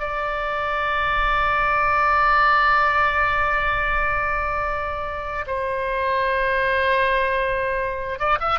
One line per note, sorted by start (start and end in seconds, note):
0.00 5.45 D5
5.47 8.19 C5
8.19 8.39 D5
8.40 8.59 E5